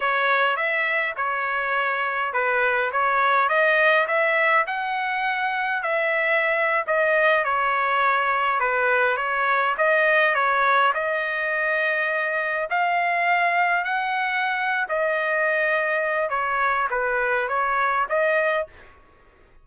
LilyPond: \new Staff \with { instrumentName = "trumpet" } { \time 4/4 \tempo 4 = 103 cis''4 e''4 cis''2 | b'4 cis''4 dis''4 e''4 | fis''2 e''4.~ e''16 dis''16~ | dis''8. cis''2 b'4 cis''16~ |
cis''8. dis''4 cis''4 dis''4~ dis''16~ | dis''4.~ dis''16 f''2 fis''16~ | fis''4. dis''2~ dis''8 | cis''4 b'4 cis''4 dis''4 | }